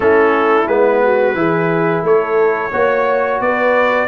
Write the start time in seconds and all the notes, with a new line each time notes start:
0.00 A3 C#4 E4 A4
0.67 G#3 B3 B4
1.03 F#4
1.34 E3 E4 G#4
2.03 A3 A4 C#5
2.72 A#3 F#4 C#5
3.40 B3 B4 D5